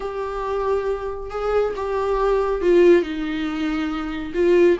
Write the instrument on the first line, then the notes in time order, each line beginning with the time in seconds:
viola
0.00 G4
1.30 G#4
1.76 G4
2.61 F4
3.02 D#4
4.34 F4